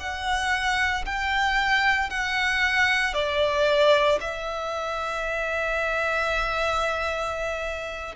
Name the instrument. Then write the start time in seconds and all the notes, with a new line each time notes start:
violin
0.00 F#5
1.06 G5
2.10 F#5
3.14 D5
4.21 E5